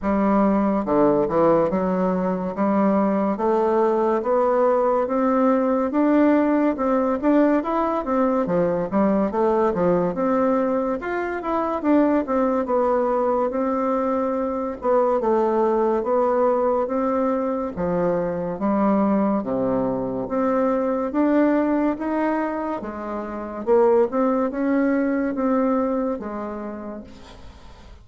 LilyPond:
\new Staff \with { instrumentName = "bassoon" } { \time 4/4 \tempo 4 = 71 g4 d8 e8 fis4 g4 | a4 b4 c'4 d'4 | c'8 d'8 e'8 c'8 f8 g8 a8 f8 | c'4 f'8 e'8 d'8 c'8 b4 |
c'4. b8 a4 b4 | c'4 f4 g4 c4 | c'4 d'4 dis'4 gis4 | ais8 c'8 cis'4 c'4 gis4 | }